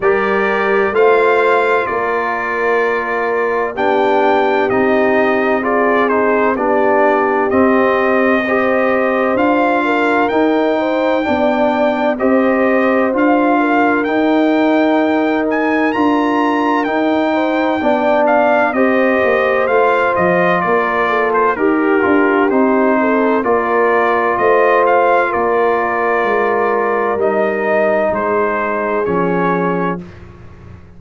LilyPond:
<<
  \new Staff \with { instrumentName = "trumpet" } { \time 4/4 \tempo 4 = 64 d''4 f''4 d''2 | g''4 dis''4 d''8 c''8 d''4 | dis''2 f''4 g''4~ | g''4 dis''4 f''4 g''4~ |
g''8 gis''8 ais''4 g''4. f''8 | dis''4 f''8 dis''8 d''8. c''16 ais'4 | c''4 d''4 dis''8 f''8 d''4~ | d''4 dis''4 c''4 cis''4 | }
  \new Staff \with { instrumentName = "horn" } { \time 4/4 ais'4 c''4 ais'2 | g'2 gis'4 g'4~ | g'4 c''4. ais'4 c''8 | d''4 c''4. ais'4.~ |
ais'2~ ais'8 c''8 d''4 | c''2 ais'8 a'8 g'4~ | g'8 a'8 ais'4 c''4 ais'4~ | ais'2 gis'2 | }
  \new Staff \with { instrumentName = "trombone" } { \time 4/4 g'4 f'2. | d'4 dis'4 f'8 dis'8 d'4 | c'4 g'4 f'4 dis'4 | d'4 g'4 f'4 dis'4~ |
dis'4 f'4 dis'4 d'4 | g'4 f'2 g'8 f'8 | dis'4 f'2.~ | f'4 dis'2 cis'4 | }
  \new Staff \with { instrumentName = "tuba" } { \time 4/4 g4 a4 ais2 | b4 c'2 b4 | c'2 d'4 dis'4 | b4 c'4 d'4 dis'4~ |
dis'4 d'4 dis'4 b4 | c'8 ais8 a8 f8 ais4 dis'8 d'8 | c'4 ais4 a4 ais4 | gis4 g4 gis4 f4 | }
>>